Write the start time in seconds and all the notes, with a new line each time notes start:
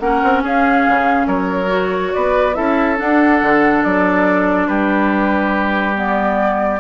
0.00 A#3 C#4 A#4 F#5
0.23 C4
0.43 C#4 G#4 F5
0.89 C#3
1.27 F#3 A#4 C#5
1.67 F#4
2.13 B3 B4 D5
2.54 C#4 E4 A4 E5
2.97 D4 F#5
3.42 D3
3.83 F#3 D5
4.68 G3 G4 B4
5.95 B3 D5